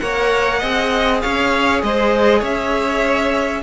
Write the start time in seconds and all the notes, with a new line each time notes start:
0.00 A#3 A#4 C#5 F#5
0.59 C4 G#4 D#5
1.21 C#4 C#5 F5
1.83 G#3 C5 D#5
2.39 C#4 C#5 E5